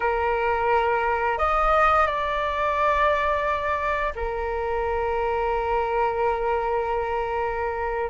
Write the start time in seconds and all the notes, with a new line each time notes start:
0.00 A#4
1.38 D#5
2.06 D5
4.15 A#4